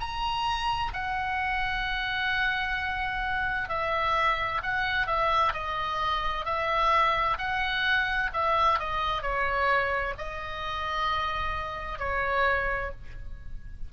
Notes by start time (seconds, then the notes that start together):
0.00 A#5
0.93 F#5
3.69 E5
4.63 F#5
5.07 E5
5.53 D#5
6.45 E5
7.38 F#5
8.33 E5
8.79 D#5
9.22 C#5
10.18 D#5
11.99 C#5